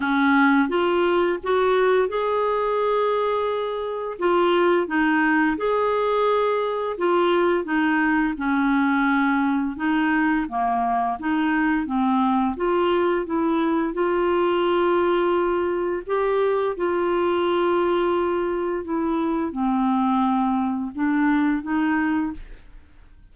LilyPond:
\new Staff \with { instrumentName = "clarinet" } { \time 4/4 \tempo 4 = 86 cis'4 f'4 fis'4 gis'4~ | gis'2 f'4 dis'4 | gis'2 f'4 dis'4 | cis'2 dis'4 ais4 |
dis'4 c'4 f'4 e'4 | f'2. g'4 | f'2. e'4 | c'2 d'4 dis'4 | }